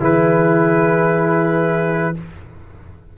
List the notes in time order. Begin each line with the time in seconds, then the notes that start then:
0.00 E3 E4 G#4 B4